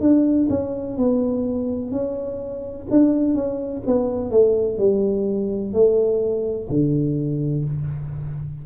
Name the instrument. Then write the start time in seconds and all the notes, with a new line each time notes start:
tuba
0.00 D4
0.49 C#4
0.97 B3
1.91 C#4
2.90 D4
3.34 C#4
3.86 B3
4.30 A3
4.77 G3
5.73 A3
6.69 D3